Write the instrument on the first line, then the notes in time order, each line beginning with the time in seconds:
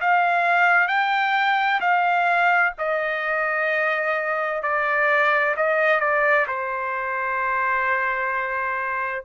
trumpet
0.00 F5
0.87 G5
1.80 F5
2.78 D#5
4.62 D5
5.56 D#5
6.00 D5
6.47 C5